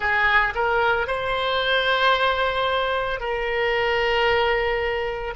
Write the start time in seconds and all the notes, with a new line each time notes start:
0.00 G#4
0.54 A#4
1.07 C5
3.19 A#4